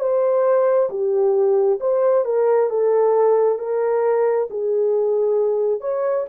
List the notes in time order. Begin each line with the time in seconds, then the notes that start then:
0.00 C5
0.90 G4
1.80 C5
2.25 A#4
2.70 A4
3.59 A#4
4.50 G#4
5.81 C#5